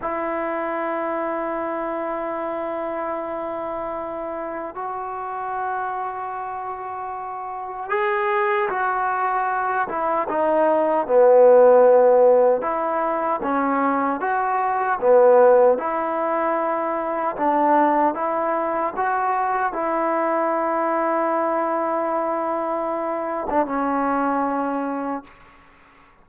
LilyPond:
\new Staff \with { instrumentName = "trombone" } { \time 4/4 \tempo 4 = 76 e'1~ | e'2 fis'2~ | fis'2 gis'4 fis'4~ | fis'8 e'8 dis'4 b2 |
e'4 cis'4 fis'4 b4 | e'2 d'4 e'4 | fis'4 e'2.~ | e'4.~ e'16 d'16 cis'2 | }